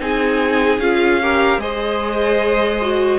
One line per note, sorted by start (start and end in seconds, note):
0.00 0.78 C4
0.00 0.80 D#4
0.00 1.22 G#4
0.00 0.80 G#5
0.78 1.58 C#4
0.78 1.22 F4
0.78 1.60 F5
1.22 1.60 G4
1.22 1.61 A#4
1.58 3.18 G#3
1.58 2.80 G#4
1.58 3.19 C5
1.58 3.19 D#5
2.82 3.19 F#4